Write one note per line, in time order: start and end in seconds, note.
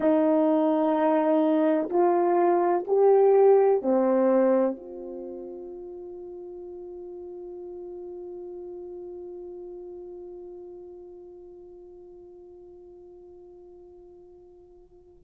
0.00 1.89 D#4
1.89 2.84 F4
2.87 3.81 G4
3.81 4.76 C4
4.76 15.24 F4